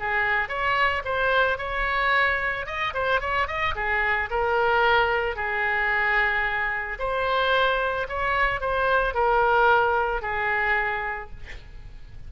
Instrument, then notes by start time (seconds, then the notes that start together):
oboe
0.00 G#4
0.49 C#5
1.05 C5
1.58 C#5
2.66 D#5
2.94 C5
3.21 C#5
3.47 D#5
3.75 G#4
4.30 A#4
5.36 G#4
6.99 C5
8.09 C#5
8.60 C5
9.14 A#4
10.22 G#4